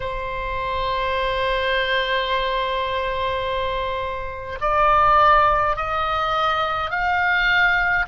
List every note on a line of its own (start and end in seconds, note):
0.00 4.58 C5
4.60 5.76 D5
5.76 6.90 D#5
6.90 8.05 F5